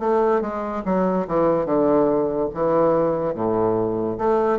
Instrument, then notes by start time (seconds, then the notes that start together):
bassoon
0.00 A3
0.42 G#3
0.86 F#3
1.28 E3
1.66 D3
2.54 E3
3.35 A2
4.18 A3